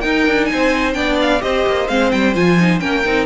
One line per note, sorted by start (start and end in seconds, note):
0.00 0.93 D#4
0.00 0.27 D#4
0.00 0.48 A#4
0.00 0.45 G5
0.27 0.50 D4
0.45 0.91 G#5
0.52 0.95 C4
0.52 0.96 C5
0.93 1.42 B3
0.93 1.39 D4
0.93 1.43 D5
0.93 1.17 G5
1.21 1.42 F5
1.39 1.65 C4
1.39 1.86 G4
1.39 2.81 C5
1.39 1.88 D#5
1.67 1.89 A#3
1.88 2.12 G#3
1.88 2.34 C4
1.88 2.11 F5
2.11 2.35 G3
2.11 2.34 G5
2.34 2.81 F3
2.34 2.58 F4
2.34 2.79 G#5
2.59 2.80 D#4
2.79 3.05 A#3
2.79 3.03 C#4
2.79 3.25 A#4
2.79 3.25 G5
3.05 3.25 C4
3.05 3.25 D#4